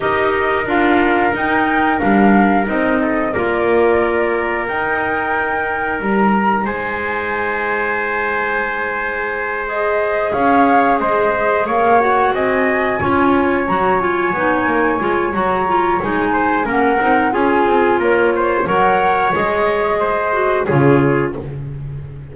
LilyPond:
<<
  \new Staff \with { instrumentName = "flute" } { \time 4/4 \tempo 4 = 90 dis''4 f''4 g''4 f''4 | dis''4 d''2 g''4~ | g''4 ais''4 gis''2~ | gis''2~ gis''8 dis''4 f''8~ |
f''8 dis''4 f''8 fis''8 gis''4.~ | gis''8 ais''8 gis''2 ais''4 | gis''4 fis''4 gis''4 cis''4 | fis''4 dis''2 cis''4 | }
  \new Staff \with { instrumentName = "trumpet" } { \time 4/4 ais'1~ | ais'8 a'8 ais'2.~ | ais'2 c''2~ | c''2.~ c''8 cis''8~ |
cis''8 c''4 cis''4 dis''4 cis''8~ | cis''1~ | cis''8 c''8 ais'4 gis'4 ais'8 c''8 | cis''2 c''4 gis'4 | }
  \new Staff \with { instrumentName = "clarinet" } { \time 4/4 g'4 f'4 dis'4 d'4 | dis'4 f'2 dis'4~ | dis'1~ | dis'2~ dis'8 gis'4.~ |
gis'2 fis'4. f'8~ | f'8 fis'8 f'8 dis'4 f'8 fis'8 f'8 | dis'4 cis'8 dis'8 f'2 | ais'4 gis'4. fis'8 f'4 | }
  \new Staff \with { instrumentName = "double bass" } { \time 4/4 dis'4 d'4 dis'4 g4 | c'4 ais2 dis'4~ | dis'4 g4 gis2~ | gis2.~ gis8 cis'8~ |
cis'8 gis4 ais4 c'4 cis'8~ | cis'8 fis4 b8 ais8 gis8 fis4 | gis4 ais8 c'8 cis'8 c'8 ais4 | fis4 gis2 cis4 | }
>>